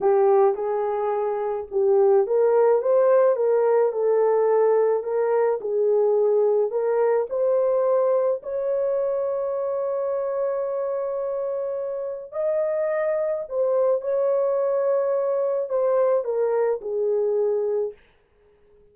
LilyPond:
\new Staff \with { instrumentName = "horn" } { \time 4/4 \tempo 4 = 107 g'4 gis'2 g'4 | ais'4 c''4 ais'4 a'4~ | a'4 ais'4 gis'2 | ais'4 c''2 cis''4~ |
cis''1~ | cis''2 dis''2 | c''4 cis''2. | c''4 ais'4 gis'2 | }